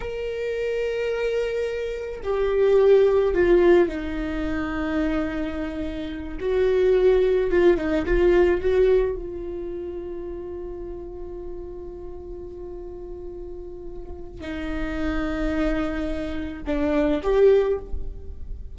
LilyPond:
\new Staff \with { instrumentName = "viola" } { \time 4/4 \tempo 4 = 108 ais'1 | g'2 f'4 dis'4~ | dis'2.~ dis'8 fis'8~ | fis'4. f'8 dis'8 f'4 fis'8~ |
fis'8 f'2.~ f'8~ | f'1~ | f'2 dis'2~ | dis'2 d'4 g'4 | }